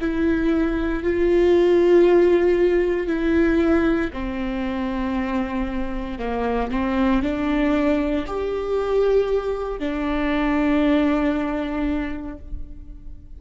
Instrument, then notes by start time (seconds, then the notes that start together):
viola
0.00 E4
1.03 F4
3.07 E4
4.13 C4
6.19 A#3
6.71 C4
7.22 D4
8.27 G4
9.79 D4